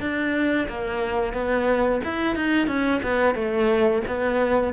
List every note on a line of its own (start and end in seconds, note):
0.00 0.67 D4
0.68 1.33 A#3
1.33 2.01 B3
2.05 2.36 E4
2.36 2.67 D#4
2.67 3.01 C#4
3.03 3.35 B3
3.35 4.02 A3
4.07 4.73 B3